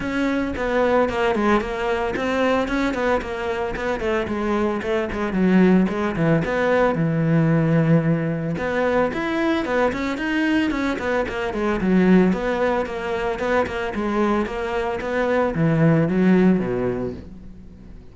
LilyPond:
\new Staff \with { instrumentName = "cello" } { \time 4/4 \tempo 4 = 112 cis'4 b4 ais8 gis8 ais4 | c'4 cis'8 b8 ais4 b8 a8 | gis4 a8 gis8 fis4 gis8 e8 | b4 e2. |
b4 e'4 b8 cis'8 dis'4 | cis'8 b8 ais8 gis8 fis4 b4 | ais4 b8 ais8 gis4 ais4 | b4 e4 fis4 b,4 | }